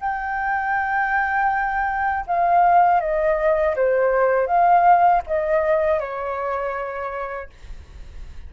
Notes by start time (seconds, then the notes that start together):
0.00 G5
2.26 F5
3.00 D#5
3.76 C5
4.47 F5
5.27 D#5
5.99 C#5